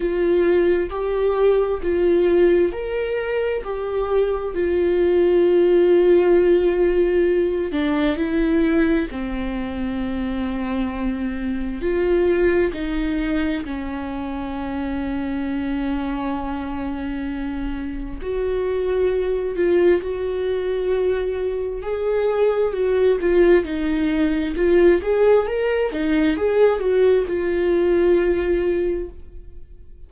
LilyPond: \new Staff \with { instrumentName = "viola" } { \time 4/4 \tempo 4 = 66 f'4 g'4 f'4 ais'4 | g'4 f'2.~ | f'8 d'8 e'4 c'2~ | c'4 f'4 dis'4 cis'4~ |
cis'1 | fis'4. f'8 fis'2 | gis'4 fis'8 f'8 dis'4 f'8 gis'8 | ais'8 dis'8 gis'8 fis'8 f'2 | }